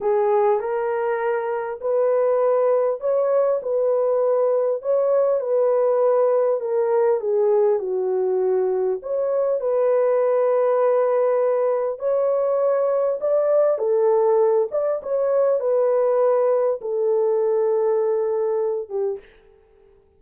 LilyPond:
\new Staff \with { instrumentName = "horn" } { \time 4/4 \tempo 4 = 100 gis'4 ais'2 b'4~ | b'4 cis''4 b'2 | cis''4 b'2 ais'4 | gis'4 fis'2 cis''4 |
b'1 | cis''2 d''4 a'4~ | a'8 d''8 cis''4 b'2 | a'2.~ a'8 g'8 | }